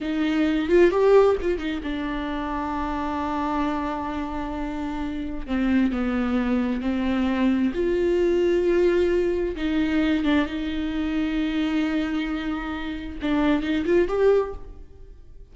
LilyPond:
\new Staff \with { instrumentName = "viola" } { \time 4/4 \tempo 4 = 132 dis'4. f'8 g'4 f'8 dis'8 | d'1~ | d'1 | c'4 b2 c'4~ |
c'4 f'2.~ | f'4 dis'4. d'8 dis'4~ | dis'1~ | dis'4 d'4 dis'8 f'8 g'4 | }